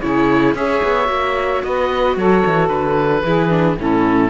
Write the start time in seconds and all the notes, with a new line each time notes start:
0.00 C#3 E4 G#4 C#5
0.54 C#4 G#4 C#5 E5
0.83 B3
1.05 A#3 F#4
1.63 B3 B4 D#5
2.16 F#3 A4 C#5
2.46 E3
2.68 D3 B4
3.24 E3 E4 G#4
3.50 D4
3.78 A2 C#4 E4 A4